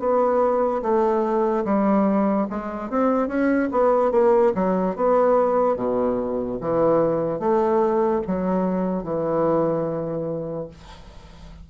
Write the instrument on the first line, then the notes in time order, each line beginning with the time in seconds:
bassoon
0.00 B3
0.83 A3
1.65 G3
2.50 G#3
2.90 C4
3.28 C#4
3.72 B3
4.12 A#3
4.55 F#3
4.97 B3
5.76 B2
6.61 E3
7.40 A3
8.28 F#3
9.04 E3